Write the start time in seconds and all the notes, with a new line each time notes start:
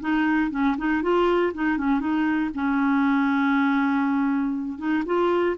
0.00 D#4
0.51 C#4
0.77 D#4
1.02 F4
1.54 D#4
1.77 C#4
2.00 D#4
2.54 C#4
4.78 D#4
5.05 F4